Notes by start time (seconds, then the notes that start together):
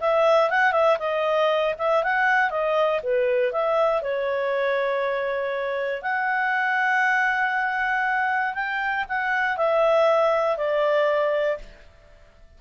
0.00 E5
0.50 F#5
0.72 E5
0.99 D#5
1.78 E5
2.03 F#5
2.50 D#5
3.03 B4
3.52 E5
4.02 C#5
6.02 F#5
8.54 G5
9.08 F#5
9.57 E5
10.57 D5